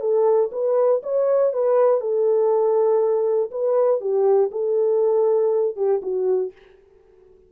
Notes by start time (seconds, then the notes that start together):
0.00 A4
0.52 B4
1.03 C#5
1.52 B4
2.00 A4
3.51 B4
4.00 G4
4.51 A4
5.76 G4
6.02 F#4